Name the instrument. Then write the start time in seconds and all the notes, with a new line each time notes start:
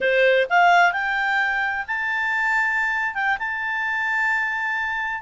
clarinet
0.00 C5
0.49 F5
0.92 G5
1.87 A5
3.14 G5
3.38 A5